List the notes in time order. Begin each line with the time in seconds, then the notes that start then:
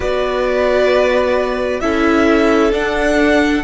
0.00 B3 F#4 B4 D5
1.80 C#4 E4 A4 E5
2.71 D4 F#5